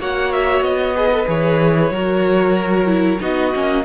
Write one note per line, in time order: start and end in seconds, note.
0.00 0.61 A#3
0.00 0.96 F#4
0.00 0.97 C#5
0.00 0.32 F#5
0.32 0.63 E5
0.61 1.26 B3
0.61 1.28 D#5
0.96 1.12 G#4
0.96 1.93 B4
1.13 1.26 A4
1.26 1.91 E3
1.26 1.90 G#4
1.26 3.22 C#5
1.91 3.20 F#3
1.91 2.86 F#4
1.91 3.22 A#4
2.86 3.19 E4
3.21 3.54 B3
3.21 3.53 D#4
3.21 3.85 F#4
3.21 3.85 D#5
3.54 3.85 A#3
3.54 3.85 C#4